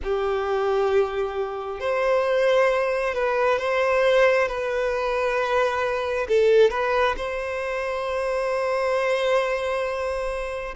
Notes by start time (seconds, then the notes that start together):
0.03 G4
1.80 C5
3.14 B4
3.58 C5
4.48 B4
6.28 A4
6.70 B4
7.16 C5